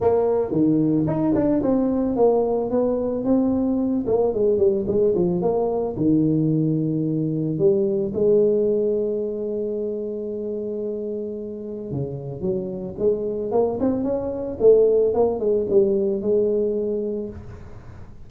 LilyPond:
\new Staff \with { instrumentName = "tuba" } { \time 4/4 \tempo 4 = 111 ais4 dis4 dis'8 d'8 c'4 | ais4 b4 c'4. ais8 | gis8 g8 gis8 f8 ais4 dis4~ | dis2 g4 gis4~ |
gis1~ | gis2 cis4 fis4 | gis4 ais8 c'8 cis'4 a4 | ais8 gis8 g4 gis2 | }